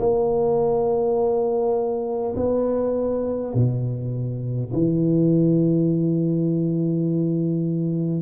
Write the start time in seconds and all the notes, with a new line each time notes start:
0.00 A#3
2.37 B3
3.55 B2
4.74 E3